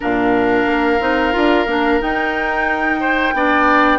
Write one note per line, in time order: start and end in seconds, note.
0.00 0.66 A#2
0.00 1.00 D4
0.00 3.00 A#4
0.00 2.01 F5
0.66 0.99 A#3
1.00 1.33 C4
1.00 1.32 D#4
1.32 1.66 D4
1.32 1.65 F4
1.66 1.99 A#3
1.66 2.00 D4
2.00 3.33 D#4
2.00 3.99 G5
3.00 3.33 C5
3.33 3.99 B3
3.33 3.99 D4
3.33 3.99 D5